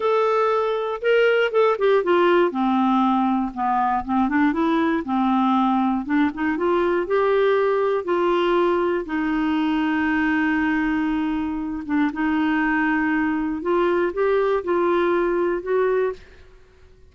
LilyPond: \new Staff \with { instrumentName = "clarinet" } { \time 4/4 \tempo 4 = 119 a'2 ais'4 a'8 g'8 | f'4 c'2 b4 | c'8 d'8 e'4 c'2 | d'8 dis'8 f'4 g'2 |
f'2 dis'2~ | dis'2.~ dis'8 d'8 | dis'2. f'4 | g'4 f'2 fis'4 | }